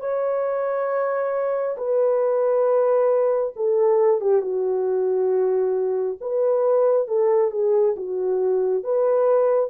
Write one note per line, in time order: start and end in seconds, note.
0.00 1.76 C#5
1.77 3.54 B4
3.56 4.21 A4
4.21 4.42 G4
4.42 6.18 F#4
6.21 7.08 B4
7.08 7.51 A4
7.51 7.95 G#4
7.97 8.84 F#4
8.84 9.70 B4